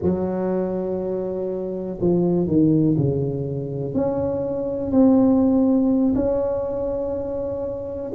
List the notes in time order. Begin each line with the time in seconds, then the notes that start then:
0.02 F#3
2.00 F3
2.46 D#3
2.97 C#3
3.94 C#4
4.91 C4
6.15 C#4